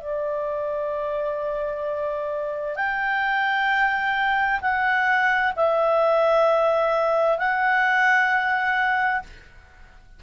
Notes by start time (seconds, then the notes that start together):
0.00 D5
2.76 G5
4.61 F#5
5.56 E5
7.37 F#5